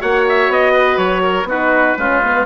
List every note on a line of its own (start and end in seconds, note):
0.00 0.49 A#3
0.00 1.48 F#4
0.00 0.73 C#5
0.00 0.27 F#5
0.29 0.52 E5
0.49 0.98 B3
0.49 0.98 D#5
0.73 1.22 B4
0.98 1.44 F#3
0.98 1.47 C#5
1.23 1.47 A#4
1.44 1.94 B3
1.44 1.98 D#4
1.44 1.98 F#4
1.51 2.46 B4
1.98 2.46 G#3
1.98 2.22 C#4
1.98 2.46 F4
2.24 2.46 B3